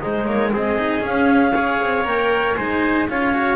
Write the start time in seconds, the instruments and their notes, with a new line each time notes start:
0.00 cello G#3, double bass G#3, trumpet D#4, clarinet C5
0.25 double bass A#3, clarinet C#5
0.52 double bass C4, trumpet G#4, clarinet D#5
0.77 cello D#4
1.00 cello C#4, double bass C#4, clarinet F5
1.54 cello G#4, trumpet C#5
1.82 double bass C4
2.04 double bass A#3, cello A#4, clarinet G5
2.55 double bass G#3, cello D#4, trumpet C5, clarinet G#5
3.08 double bass C#4, cello F4, trumpet C#5, clarinet F5
3.33 cello F#4